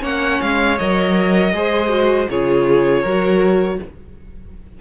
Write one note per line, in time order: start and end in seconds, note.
0.00 0.40 A#3
0.00 0.75 C#4
0.00 1.51 C#5
0.00 0.41 F#5
0.41 0.79 G#3
0.41 0.78 F5
0.78 1.52 F#3
0.78 1.53 A#4
0.78 2.28 D#5
1.52 2.27 G#3
1.52 1.88 G#4
1.52 2.30 C5
1.88 2.26 F#4
2.29 3.03 C#3
2.29 3.05 F4
2.29 3.02 G#4
2.29 3.80 C#5
3.02 3.78 F#3
3.02 3.80 F#4
3.02 3.77 A#4